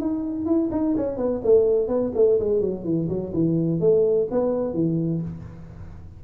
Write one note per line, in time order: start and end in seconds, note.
0.00 0.46 D#4
0.46 0.69 E4
0.71 0.95 D#4
0.97 1.17 C#4
1.17 1.41 B3
1.44 1.88 A3
1.88 2.11 B3
2.15 2.39 A3
2.40 2.61 G#3
2.61 2.84 F#3
2.84 3.08 E3
3.09 3.32 F#3
3.33 3.80 E3
3.80 4.28 A3
4.31 4.74 B3
4.74 5.21 E3